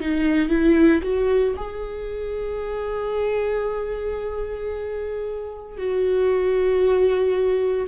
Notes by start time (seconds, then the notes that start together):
0.00 D#4
0.49 E4
1.02 F#4
1.56 G#4
5.78 F#4